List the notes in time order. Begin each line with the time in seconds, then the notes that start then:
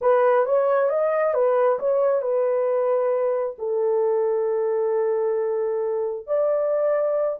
0.01 B4
0.45 C#5
0.89 D#5
1.34 B4
1.79 C#5
2.21 B4
3.58 A4
6.27 D5